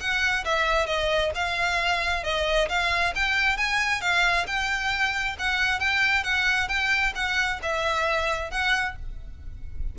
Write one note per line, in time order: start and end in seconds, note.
0.00 0.45 F#5
0.45 0.87 E5
0.87 1.32 D#5
1.35 2.24 F5
2.24 2.69 D#5
2.69 3.14 F5
3.16 3.57 G5
3.57 4.02 G#5
4.02 4.46 F5
4.47 5.37 G5
5.39 5.80 F#5
5.80 6.24 G5
6.24 6.69 F#5
6.69 7.13 G5
7.16 7.60 F#5
7.62 8.51 E5
8.51 8.96 F#5